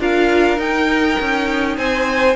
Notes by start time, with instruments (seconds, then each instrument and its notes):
0.00 cello D4, viola F4, violin A#4 F5
0.57 viola D#4, cello D#4, violin G5
1.20 cello C#4
1.77 cello C4, violin C5 G#5